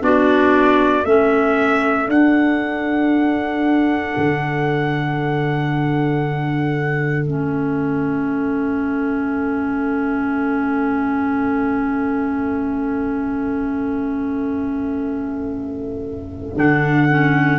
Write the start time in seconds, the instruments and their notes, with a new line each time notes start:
0.00 tuba B3, clarinet D4 F#4, trumpet D5
1.05 tuba A3, clarinet C#4 A4, trumpet E5
2.08 tuba D4, clarinet D4, trumpet F#5
4.17 tuba D3
7.26 tuba A3, clarinet C#4, trumpet E5
16.56 tuba D3, clarinet D4, trumpet F#5
17.09 clarinet C#4